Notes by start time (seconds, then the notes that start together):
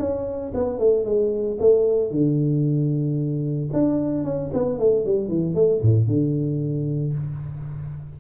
0.00 C#4
0.55 B3
0.79 A3
1.05 G#3
1.60 A3
2.11 D3
3.73 D4
4.25 C#4
4.54 B3
4.80 A3
5.06 G3
5.29 E3
5.55 A3
5.82 A2
6.08 D3